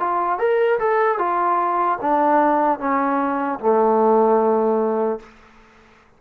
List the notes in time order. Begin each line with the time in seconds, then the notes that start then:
0.00 F4
0.39 A#4
0.80 A4
1.19 F4
2.01 D4
2.80 C#4
3.60 A3